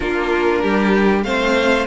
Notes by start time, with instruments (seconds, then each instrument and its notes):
0.00 cello A#3, viola D4, violin F4 A#4
0.62 cello G3, violin G4
1.23 cello A3, viola C4, violin C5 F5